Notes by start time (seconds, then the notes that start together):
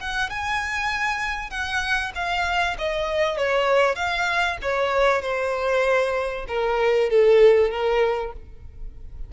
0.00 F#5
0.30 G#5
1.50 F#5
2.15 F5
2.78 D#5
3.37 C#5
3.95 F5
4.61 C#5
5.22 C5
6.48 A#4
7.09 A4
7.71 A#4